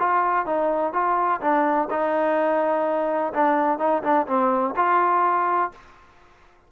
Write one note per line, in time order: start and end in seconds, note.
0.00 0.46 F4
0.46 0.94 D#4
0.94 1.41 F4
1.42 1.89 D4
1.91 3.34 D#4
3.34 3.79 D4
3.79 4.03 D#4
4.03 4.27 D4
4.27 4.75 C4
4.77 5.72 F4